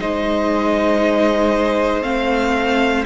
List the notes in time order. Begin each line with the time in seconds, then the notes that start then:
0.00 G#3 D#4 C5 D#5
2.03 A3 C4 F5